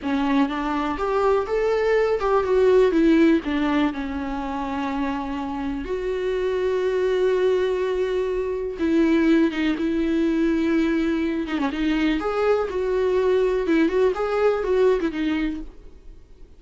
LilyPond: \new Staff \with { instrumentName = "viola" } { \time 4/4 \tempo 4 = 123 cis'4 d'4 g'4 a'4~ | a'8 g'8 fis'4 e'4 d'4 | cis'1 | fis'1~ |
fis'2 e'4. dis'8 | e'2.~ e'8 dis'16 cis'16 | dis'4 gis'4 fis'2 | e'8 fis'8 gis'4 fis'8. e'16 dis'4 | }